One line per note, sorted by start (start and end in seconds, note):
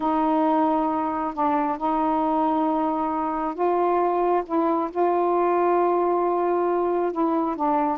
0.00 1.33 D#4
1.34 1.77 D4
1.77 3.54 D#4
3.54 4.43 F4
4.46 4.90 E4
4.91 7.12 F4
7.12 7.56 E4
7.56 7.97 D4